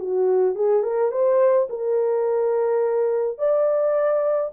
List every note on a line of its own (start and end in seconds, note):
0.00 0.56 F#4
0.56 0.84 G#4
0.84 1.12 A#4
1.12 1.68 C5
1.70 3.39 A#4
3.39 4.52 D5